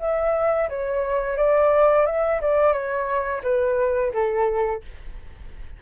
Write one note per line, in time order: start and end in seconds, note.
0.00 0.69 E5
0.69 1.37 C#5
1.37 2.06 D5
2.06 2.41 E5
2.41 2.73 D5
2.73 3.42 C#5
3.44 4.13 B4
4.13 4.82 A4